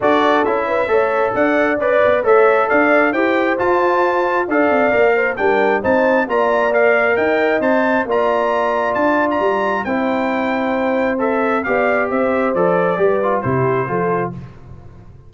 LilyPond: <<
  \new Staff \with { instrumentName = "trumpet" } { \time 4/4 \tempo 4 = 134 d''4 e''2 fis''4 | d''4 e''4 f''4 g''4 | a''2 f''2 | g''4 a''4 ais''4 f''4 |
g''4 a''4 ais''2 | a''8. ais''4~ ais''16 g''2~ | g''4 e''4 f''4 e''4 | d''2 c''2 | }
  \new Staff \with { instrumentName = "horn" } { \time 4/4 a'4. b'8 cis''4 d''4~ | d''4 cis''4 d''4 c''4~ | c''2 d''4. c''8 | ais'4 c''4 d''2 |
dis''2 d''2~ | d''2 c''2~ | c''2 d''4 c''4~ | c''4 b'4 g'4 a'4 | }
  \new Staff \with { instrumentName = "trombone" } { \time 4/4 fis'4 e'4 a'2 | b'4 a'2 g'4 | f'2 a'4 ais'4 | d'4 dis'4 f'4 ais'4~ |
ais'4 c''4 f'2~ | f'2 e'2~ | e'4 a'4 g'2 | a'4 g'8 f'8 e'4 f'4 | }
  \new Staff \with { instrumentName = "tuba" } { \time 4/4 d'4 cis'4 a4 d'4 | cis'8 b8 a4 d'4 e'4 | f'2 d'8 c'8 ais4 | g4 c'4 ais2 |
dis'4 c'4 ais2 | d'4 g4 c'2~ | c'2 b4 c'4 | f4 g4 c4 f4 | }
>>